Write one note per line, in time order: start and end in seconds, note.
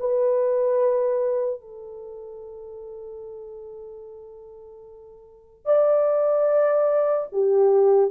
0.00 1.61 B4
1.61 5.66 A4
5.66 7.28 D5
7.32 8.11 G4